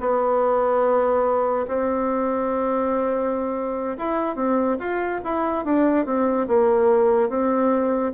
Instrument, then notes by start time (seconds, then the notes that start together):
bassoon
0.00 B3
1.68 C4
3.98 E4
4.36 C4
4.79 F4
5.24 E4
5.65 D4
6.05 C4
6.47 A#3
7.29 C4